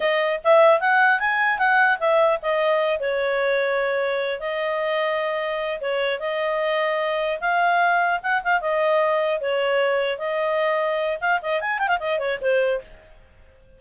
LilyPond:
\new Staff \with { instrumentName = "clarinet" } { \time 4/4 \tempo 4 = 150 dis''4 e''4 fis''4 gis''4 | fis''4 e''4 dis''4. cis''8~ | cis''2. dis''4~ | dis''2~ dis''8 cis''4 dis''8~ |
dis''2~ dis''8 f''4.~ | f''8 fis''8 f''8 dis''2 cis''8~ | cis''4. dis''2~ dis''8 | f''8 dis''8 gis''8 g''16 f''16 dis''8 cis''8 c''4 | }